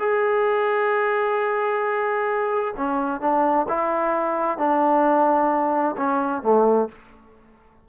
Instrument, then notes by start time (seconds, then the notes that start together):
trombone
0.00 G#4
2.77 C#4
3.21 D4
3.69 E4
4.59 D4
5.97 C#4
6.43 A3